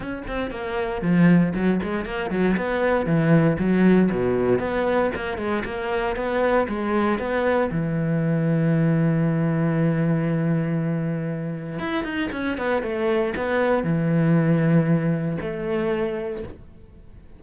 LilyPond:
\new Staff \with { instrumentName = "cello" } { \time 4/4 \tempo 4 = 117 cis'8 c'8 ais4 f4 fis8 gis8 | ais8 fis8 b4 e4 fis4 | b,4 b4 ais8 gis8 ais4 | b4 gis4 b4 e4~ |
e1~ | e2. e'8 dis'8 | cis'8 b8 a4 b4 e4~ | e2 a2 | }